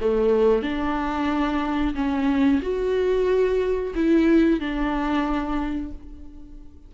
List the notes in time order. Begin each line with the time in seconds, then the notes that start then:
0.00 A3
0.62 D4
1.95 C#4
2.62 F#4
3.95 E4
4.60 D4